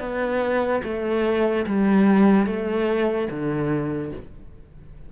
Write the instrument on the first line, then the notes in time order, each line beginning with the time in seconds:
cello
0.00 B3
0.83 A3
1.67 G3
2.46 A3
3.30 D3